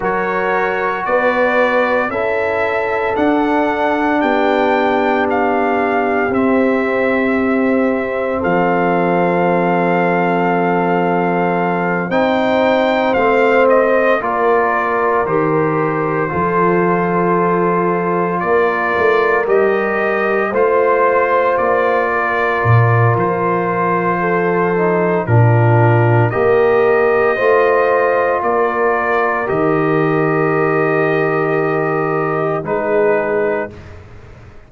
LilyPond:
<<
  \new Staff \with { instrumentName = "trumpet" } { \time 4/4 \tempo 4 = 57 cis''4 d''4 e''4 fis''4 | g''4 f''4 e''2 | f''2.~ f''8 g''8~ | g''8 f''8 dis''8 d''4 c''4.~ |
c''4. d''4 dis''4 c''8~ | c''8 d''4. c''2 | ais'4 dis''2 d''4 | dis''2. b'4 | }
  \new Staff \with { instrumentName = "horn" } { \time 4/4 ais'4 b'4 a'2 | g'1 | a'2.~ a'8 c''8~ | c''4. ais'2 a'8~ |
a'4. ais'2 c''8~ | c''4 ais'2 a'4 | f'4 ais'4 c''4 ais'4~ | ais'2. gis'4 | }
  \new Staff \with { instrumentName = "trombone" } { \time 4/4 fis'2 e'4 d'4~ | d'2 c'2~ | c'2.~ c'8 dis'8~ | dis'8 c'4 f'4 g'4 f'8~ |
f'2~ f'8 g'4 f'8~ | f'2.~ f'8 dis'8 | d'4 g'4 f'2 | g'2. dis'4 | }
  \new Staff \with { instrumentName = "tuba" } { \time 4/4 fis4 b4 cis'4 d'4 | b2 c'2 | f2.~ f8 c'8~ | c'8 a4 ais4 dis4 f8~ |
f4. ais8 a8 g4 a8~ | a8 ais4 ais,8 f2 | ais,4 ais4 a4 ais4 | dis2. gis4 | }
>>